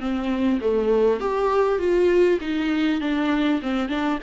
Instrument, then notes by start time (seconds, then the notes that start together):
viola
0.00 C4
0.61 A3
1.20 G4
1.79 F4
2.41 D#4
3.01 D4
3.62 C4
3.89 D4